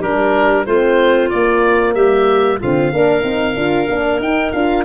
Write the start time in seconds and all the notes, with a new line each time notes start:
0.00 G3 D4 G4 A#4
0.66 A3 C4 F4 C5
1.30 A#3 D5
1.95 G3 G4 E5
2.60 D3 C4 F4 F5
2.92 A#3 D4 A#4
3.22 C4 D#4
3.56 D4 F4
3.89 A#3 D4
4.19 D#4 G5
4.52 D4 F4 F5